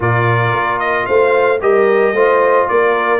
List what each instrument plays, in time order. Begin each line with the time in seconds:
0.00 tuba A#2, trombone F4, horn A#4, trumpet D5
0.52 tuba A#3
0.79 trumpet D#5
1.06 tuba A3, horn C5, trumpet F5
1.61 tuba G3, trombone G4, horn A#4, trumpet D#5
2.12 tuba A3, trombone F4, horn C5
2.68 tuba A#3, horn A#4, trumpet D5